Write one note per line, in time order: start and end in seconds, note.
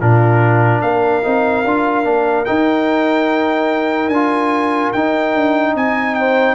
0.00 0.82 A#2
0.00 1.24 D4
0.00 0.82 F4
0.00 0.82 A#4
0.82 1.23 A#3
0.82 5.75 A#4
0.82 2.45 F5
1.24 1.65 C4
1.24 1.65 D#4
1.65 2.05 D4
1.65 2.04 F4
2.04 2.46 A#3
2.04 2.46 D4
2.45 4.12 D#4
2.45 4.08 D#4
2.45 4.09 G5
4.08 4.90 D4
4.08 4.92 G#5
4.15 4.96 F4
4.93 5.35 D#4
4.93 6.56 D#4
4.93 5.75 G5
5.35 5.76 D4
5.75 6.56 C4
5.75 6.16 D#5
5.75 6.15 G#5
6.15 6.56 C5
6.15 6.56 G5